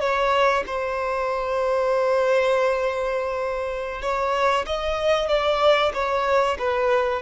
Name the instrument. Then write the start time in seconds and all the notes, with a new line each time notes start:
violin
0.00 C#5
0.66 C5
4.02 C#5
4.66 D#5
5.28 D5
5.94 C#5
6.59 B4